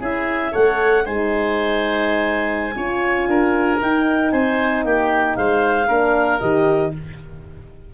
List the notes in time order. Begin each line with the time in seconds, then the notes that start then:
0.00 C#4 E4 G#4 E5
0.51 A3 A4 C#5 F#5
1.05 G#3 D#4 C5 G#5
2.75 C#4 F4 C#5
3.28 D4 A#4
3.80 D#4 G5
4.31 C4 C5 G#5
4.84 A#3 G4 G5
5.35 G#3 C5 F5
5.87 A#3 D4 A#4
6.39 D#3 G4 D#5